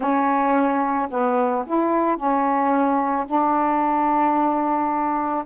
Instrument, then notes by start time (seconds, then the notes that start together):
saxophone
0.00 C#4
1.10 B3
1.66 E4
2.17 C#4
3.26 D4